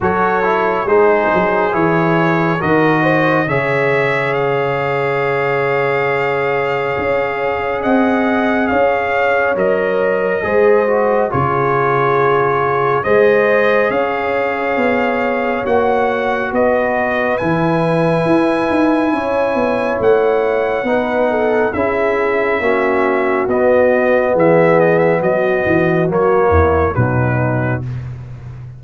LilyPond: <<
  \new Staff \with { instrumentName = "trumpet" } { \time 4/4 \tempo 4 = 69 cis''4 c''4 cis''4 dis''4 | e''4 f''2.~ | f''4 fis''4 f''4 dis''4~ | dis''4 cis''2 dis''4 |
f''2 fis''4 dis''4 | gis''2. fis''4~ | fis''4 e''2 dis''4 | e''8 dis''16 e''16 dis''4 cis''4 b'4 | }
  \new Staff \with { instrumentName = "horn" } { \time 4/4 a'4 gis'2 ais'8 c''8 | cis''1~ | cis''4 dis''4 cis''2 | c''4 gis'2 c''4 |
cis''2. b'4~ | b'2 cis''2 | b'8 a'8 gis'4 fis'2 | gis'4 fis'4. e'8 dis'4 | }
  \new Staff \with { instrumentName = "trombone" } { \time 4/4 fis'8 e'8 dis'4 e'4 fis'4 | gis'1~ | gis'2. ais'4 | gis'8 fis'8 f'2 gis'4~ |
gis'2 fis'2 | e'1 | dis'4 e'4 cis'4 b4~ | b2 ais4 fis4 | }
  \new Staff \with { instrumentName = "tuba" } { \time 4/4 fis4 gis8 fis8 e4 dis4 | cis1 | cis'4 c'4 cis'4 fis4 | gis4 cis2 gis4 |
cis'4 b4 ais4 b4 | e4 e'8 dis'8 cis'8 b8 a4 | b4 cis'4 ais4 b4 | e4 fis8 e8 fis8 e,8 b,4 | }
>>